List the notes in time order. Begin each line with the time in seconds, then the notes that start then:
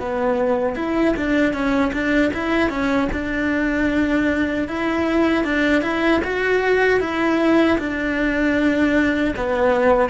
0.00 B3
0.76 E4
1.17 D4
1.54 C#4
1.93 D4
2.34 E4
2.70 C#4
3.13 D4
4.69 E4
5.44 D4
5.82 E4
6.25 F#4
7.01 E4
7.79 D4
9.37 B3